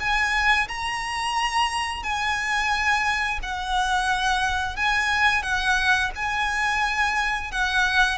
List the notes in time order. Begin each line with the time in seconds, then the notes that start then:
0.00 G#5
0.68 A#5
2.03 G#5
3.43 F#5
4.77 G#5
5.43 F#5
6.16 G#5
7.52 F#5